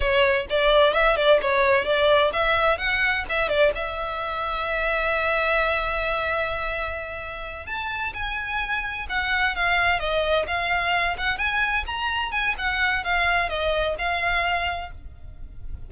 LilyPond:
\new Staff \with { instrumentName = "violin" } { \time 4/4 \tempo 4 = 129 cis''4 d''4 e''8 d''8 cis''4 | d''4 e''4 fis''4 e''8 d''8 | e''1~ | e''1~ |
e''8 a''4 gis''2 fis''8~ | fis''8 f''4 dis''4 f''4. | fis''8 gis''4 ais''4 gis''8 fis''4 | f''4 dis''4 f''2 | }